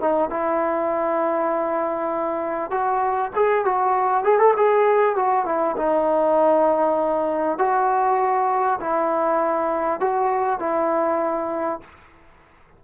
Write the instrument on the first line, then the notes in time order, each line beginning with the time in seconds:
trombone
0.00 D#4
0.30 E4
2.70 F#4
3.35 G#4
3.65 F#4
4.23 G#4
4.39 A4
4.56 G#4
5.16 F#4
5.45 E4
5.77 D#4
7.58 F#4
8.81 E4
10.00 F#4
10.59 E4